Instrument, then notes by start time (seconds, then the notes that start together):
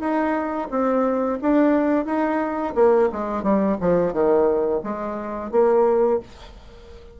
bassoon
0.00 D#4
0.71 C4
1.42 D4
2.06 D#4
2.75 A#3
3.12 G#3
3.43 G3
3.81 F3
4.13 D#3
4.83 G#3
5.52 A#3